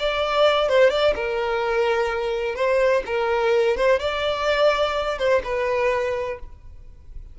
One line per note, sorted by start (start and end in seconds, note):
0.00 0.69 D5
0.69 0.90 C5
0.90 1.14 D5
1.16 2.56 A#4
2.56 3.03 C5
3.06 3.77 A#4
3.77 4.00 C5
4.00 5.19 D5
5.19 5.42 C5
5.44 6.39 B4